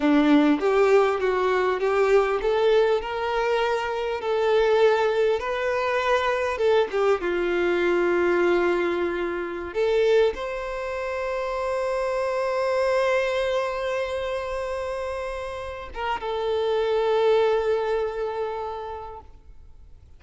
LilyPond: \new Staff \with { instrumentName = "violin" } { \time 4/4 \tempo 4 = 100 d'4 g'4 fis'4 g'4 | a'4 ais'2 a'4~ | a'4 b'2 a'8 g'8 | f'1~ |
f'16 a'4 c''2~ c''8.~ | c''1~ | c''2~ c''8 ais'8 a'4~ | a'1 | }